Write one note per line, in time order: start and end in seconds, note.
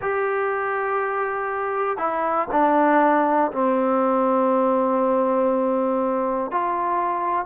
0.01 1.97 G4
1.97 2.47 E4
2.51 3.51 D4
3.52 6.51 C4
6.51 7.45 F4